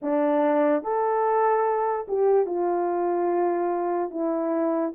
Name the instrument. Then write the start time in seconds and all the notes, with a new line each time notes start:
horn
0.01 D4
0.83 A4
2.08 G4
2.46 F4
4.10 E4